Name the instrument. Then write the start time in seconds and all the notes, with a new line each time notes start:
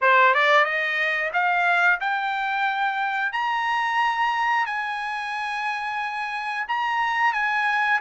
trumpet
0.01 C5
0.34 D5
0.64 D#5
1.33 F5
2.00 G5
3.32 A#5
4.66 G#5
6.68 A#5
7.33 G#5